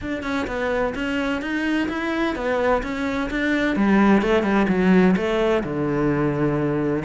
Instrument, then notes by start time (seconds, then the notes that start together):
cello
0.01 D4
0.23 C#4
0.47 B3
0.94 C#4
1.41 D#4
1.88 E4
2.35 B3
2.83 C#4
3.30 D4
3.75 G3
4.22 A3
4.43 G3
4.68 F#3
5.16 A3
5.63 D3